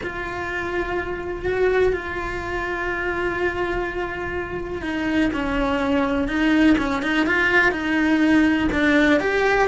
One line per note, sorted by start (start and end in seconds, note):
0.03 1.45 F4
1.45 1.92 F#4
1.92 4.82 F4
4.82 5.30 D#4
5.33 6.27 C#4
6.27 6.76 D#4
6.78 7.02 C#4
7.02 7.26 D#4
7.26 7.71 F4
7.71 8.68 D#4
8.72 9.19 D4
9.19 9.68 G4